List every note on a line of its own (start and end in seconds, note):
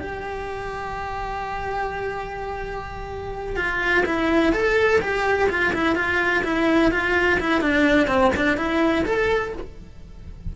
0.00 3.56 G4
3.56 4.03 F4
4.05 4.52 E4
4.52 5.00 A4
5.00 5.48 G4
5.49 5.73 F4
5.73 5.95 E4
5.95 6.42 F4
6.43 6.91 E4
6.91 7.39 F4
7.39 7.61 E4
7.61 8.07 D4
8.07 8.31 C4
8.36 8.56 D4
8.56 9.04 E4
9.05 9.53 A4